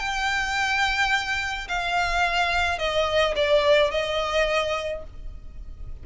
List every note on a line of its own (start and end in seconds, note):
0.00 1.68 G5
1.69 2.79 F5
2.79 3.35 D#5
3.36 3.92 D5
3.92 5.04 D#5